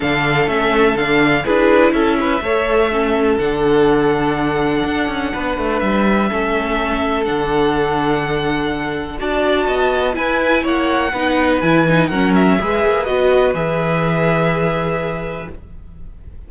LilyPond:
<<
  \new Staff \with { instrumentName = "violin" } { \time 4/4 \tempo 4 = 124 f''4 e''4 f''4 b'4 | e''2. fis''4~ | fis''1 | e''2. fis''4~ |
fis''2. a''4~ | a''4 gis''4 fis''2 | gis''4 fis''8 e''4. dis''4 | e''1 | }
  \new Staff \with { instrumentName = "violin" } { \time 4/4 a'2. gis'4 | a'8 b'8 cis''4 a'2~ | a'2. b'4~ | b'4 a'2.~ |
a'2. d''4 | dis''4 b'4 cis''4 b'4~ | b'4 ais'4 b'2~ | b'1 | }
  \new Staff \with { instrumentName = "viola" } { \time 4/4 d'4 cis'4 d'4 e'4~ | e'4 a'4 cis'4 d'4~ | d'1~ | d'4 cis'2 d'4~ |
d'2. fis'4~ | fis'4 e'2 dis'4 | e'8 dis'8 cis'4 gis'4 fis'4 | gis'1 | }
  \new Staff \with { instrumentName = "cello" } { \time 4/4 d4 a4 d4 d'4 | cis'4 a2 d4~ | d2 d'8 cis'8 b8 a8 | g4 a2 d4~ |
d2. d'4 | b4 e'4 ais4 b4 | e4 fis4 gis8 ais8 b4 | e1 | }
>>